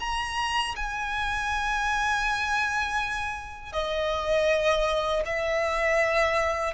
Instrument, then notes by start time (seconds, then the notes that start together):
violin
0.00 A#5
0.76 G#5
3.73 D#5
5.26 E5